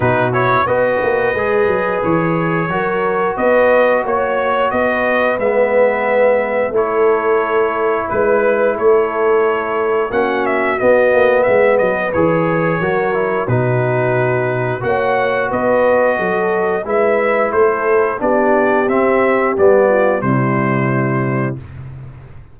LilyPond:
<<
  \new Staff \with { instrumentName = "trumpet" } { \time 4/4 \tempo 4 = 89 b'8 cis''8 dis''2 cis''4~ | cis''4 dis''4 cis''4 dis''4 | e''2 cis''2 | b'4 cis''2 fis''8 e''8 |
dis''4 e''8 dis''8 cis''2 | b'2 fis''4 dis''4~ | dis''4 e''4 c''4 d''4 | e''4 d''4 c''2 | }
  \new Staff \with { instrumentName = "horn" } { \time 4/4 fis'4 b'2. | ais'4 b'4 cis''4 b'4~ | b'2 a'2 | b'4 a'2 fis'4~ |
fis'4 b'2 ais'4 | fis'2 cis''4 b'4 | a'4 b'4 a'4 g'4~ | g'4. f'8 e'2 | }
  \new Staff \with { instrumentName = "trombone" } { \time 4/4 dis'8 e'8 fis'4 gis'2 | fis'1 | b2 e'2~ | e'2. cis'4 |
b2 gis'4 fis'8 e'8 | dis'2 fis'2~ | fis'4 e'2 d'4 | c'4 b4 g2 | }
  \new Staff \with { instrumentName = "tuba" } { \time 4/4 b,4 b8 ais8 gis8 fis8 e4 | fis4 b4 ais4 b4 | gis2 a2 | gis4 a2 ais4 |
b8 ais8 gis8 fis8 e4 fis4 | b,2 ais4 b4 | fis4 gis4 a4 b4 | c'4 g4 c2 | }
>>